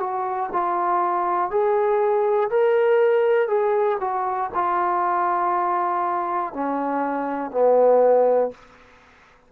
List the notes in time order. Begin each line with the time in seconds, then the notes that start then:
0.00 F#4
0.53 F4
1.51 G#4
2.50 A#4
3.48 G#4
4.00 F#4
4.54 F4
6.54 C#4
7.51 B3